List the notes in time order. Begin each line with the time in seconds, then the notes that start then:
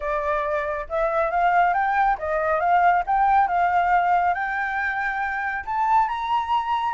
0.00 D5
0.89 E5
1.30 F5
1.73 G5
2.18 D#5
2.59 F5
3.06 G5
3.47 F5
4.34 G5
5.65 A5
6.08 A#5